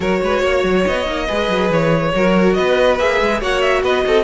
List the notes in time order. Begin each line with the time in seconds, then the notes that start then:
0.00 F#3 F#4 A#4 C#5
0.22 G#3 B4
0.42 A#3 C#5
0.63 F#3
0.86 B3 D#5
1.05 A#3 D#4
1.26 G#3 G#4 B4
1.48 F#3
1.70 E3 C#5
2.14 F#3 F#4 A#4
2.53 B3 B4 D#5
2.98 A#3 G#4 E5
3.20 G#3
3.39 A#3 F#4 C#5 F#5
3.61 E5
3.83 B3 B4 D#5
4.05 C4 A4